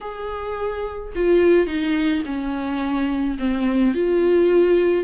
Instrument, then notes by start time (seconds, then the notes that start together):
viola
0.01 G#4
1.15 F4
1.66 D#4
2.25 C#4
3.38 C4
3.94 F4